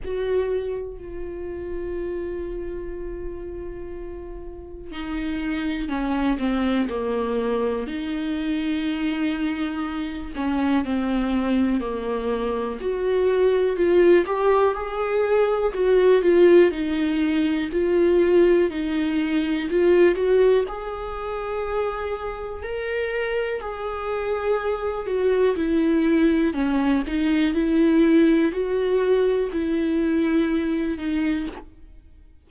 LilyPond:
\new Staff \with { instrumentName = "viola" } { \time 4/4 \tempo 4 = 61 fis'4 f'2.~ | f'4 dis'4 cis'8 c'8 ais4 | dis'2~ dis'8 cis'8 c'4 | ais4 fis'4 f'8 g'8 gis'4 |
fis'8 f'8 dis'4 f'4 dis'4 | f'8 fis'8 gis'2 ais'4 | gis'4. fis'8 e'4 cis'8 dis'8 | e'4 fis'4 e'4. dis'8 | }